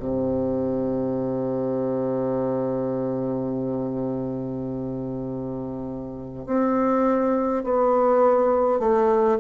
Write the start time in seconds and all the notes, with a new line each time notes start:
0.00 C3
6.47 C4
7.65 B3
8.80 A3